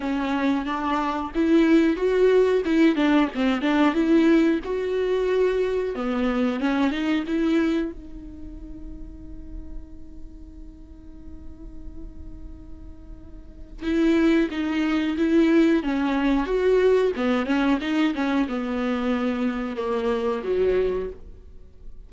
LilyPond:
\new Staff \with { instrumentName = "viola" } { \time 4/4 \tempo 4 = 91 cis'4 d'4 e'4 fis'4 | e'8 d'8 c'8 d'8 e'4 fis'4~ | fis'4 b4 cis'8 dis'8 e'4 | dis'1~ |
dis'1~ | dis'4 e'4 dis'4 e'4 | cis'4 fis'4 b8 cis'8 dis'8 cis'8 | b2 ais4 fis4 | }